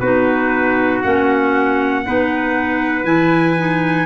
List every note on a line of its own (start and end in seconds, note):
0.00 1.03 B3
0.00 1.04 D#4
0.00 2.04 F#4
0.00 1.02 B4
1.03 2.06 A#3
1.03 2.06 C#4
1.03 3.06 F#5
2.06 3.05 B3
2.06 3.05 D#4
2.06 4.06 B4
3.05 4.06 E3
3.05 3.56 E4
3.05 4.06 G#5
3.58 4.06 D#4